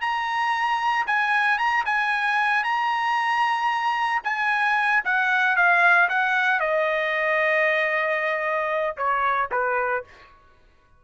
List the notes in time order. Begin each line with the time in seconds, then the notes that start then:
0.00 A#5
1.06 G#5
1.58 A#5
1.85 G#5
2.64 A#5
4.23 G#5
5.04 F#5
5.56 F5
6.08 F#5
6.59 D#5
8.96 C#5
9.51 B4